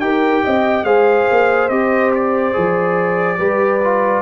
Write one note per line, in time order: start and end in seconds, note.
0.00 0.43 D#4
0.00 0.85 G4
0.00 0.44 A#4
0.00 0.85 G5
0.44 0.83 C4
0.44 0.86 D#5
0.83 1.25 G#3
0.83 1.70 G#4
0.83 3.39 C5
0.83 1.69 F5
1.31 1.69 A#3
1.69 2.54 C4
1.69 2.53 G4
1.69 2.11 D#5
2.15 4.22 D5
2.53 3.39 F3
2.53 3.37 G#4
3.38 4.22 G3
3.38 3.80 G4
3.38 4.22 B4
3.84 4.22 F4